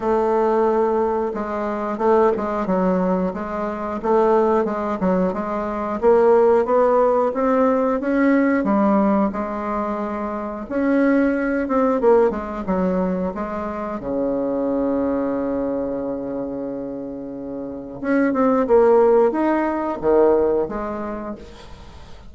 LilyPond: \new Staff \with { instrumentName = "bassoon" } { \time 4/4 \tempo 4 = 90 a2 gis4 a8 gis8 | fis4 gis4 a4 gis8 fis8 | gis4 ais4 b4 c'4 | cis'4 g4 gis2 |
cis'4. c'8 ais8 gis8 fis4 | gis4 cis2.~ | cis2. cis'8 c'8 | ais4 dis'4 dis4 gis4 | }